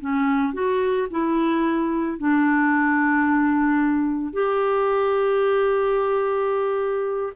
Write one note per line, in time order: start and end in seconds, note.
0.00 0.53 C#4
0.53 1.08 F#4
1.10 2.18 E4
2.18 4.33 D4
4.33 7.33 G4